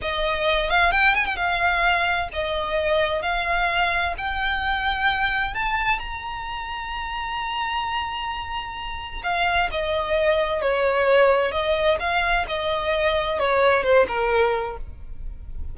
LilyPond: \new Staff \with { instrumentName = "violin" } { \time 4/4 \tempo 4 = 130 dis''4. f''8 g''8 gis''16 g''16 f''4~ | f''4 dis''2 f''4~ | f''4 g''2. | a''4 ais''2.~ |
ais''1 | f''4 dis''2 cis''4~ | cis''4 dis''4 f''4 dis''4~ | dis''4 cis''4 c''8 ais'4. | }